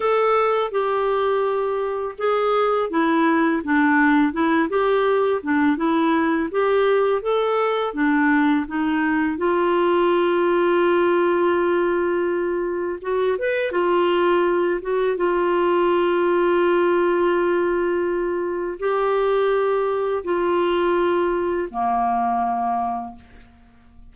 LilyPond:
\new Staff \with { instrumentName = "clarinet" } { \time 4/4 \tempo 4 = 83 a'4 g'2 gis'4 | e'4 d'4 e'8 g'4 d'8 | e'4 g'4 a'4 d'4 | dis'4 f'2.~ |
f'2 fis'8 b'8 f'4~ | f'8 fis'8 f'2.~ | f'2 g'2 | f'2 ais2 | }